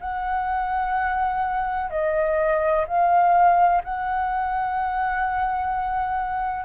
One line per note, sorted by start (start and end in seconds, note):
0.00 1.90 F#5
1.90 2.85 D#5
2.87 3.82 F5
3.84 6.65 F#5